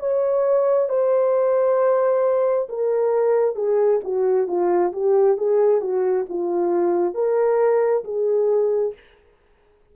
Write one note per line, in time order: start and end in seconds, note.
0.00 0.90 C#5
0.90 2.69 C5
2.69 3.56 A#4
3.56 4.01 G#4
4.04 4.48 F#4
4.48 4.93 F4
4.93 5.38 G4
5.38 5.82 G#4
5.82 6.26 F#4
6.29 7.15 F4
7.15 8.04 A#4
8.05 8.94 G#4